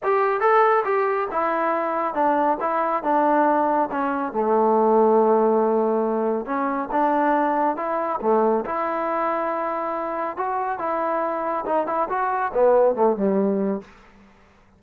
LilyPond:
\new Staff \with { instrumentName = "trombone" } { \time 4/4 \tempo 4 = 139 g'4 a'4 g'4 e'4~ | e'4 d'4 e'4 d'4~ | d'4 cis'4 a2~ | a2. cis'4 |
d'2 e'4 a4 | e'1 | fis'4 e'2 dis'8 e'8 | fis'4 b4 a8 g4. | }